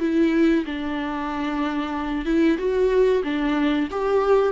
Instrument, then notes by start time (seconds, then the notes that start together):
viola
0.00 E4
0.65 D4
2.26 E4
2.58 F#4
3.24 D4
3.91 G4